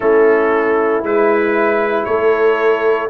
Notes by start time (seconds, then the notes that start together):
0.00 A3 C#4 E4 A4
1.02 G#3 E4 B4
2.05 A3 A4 C#5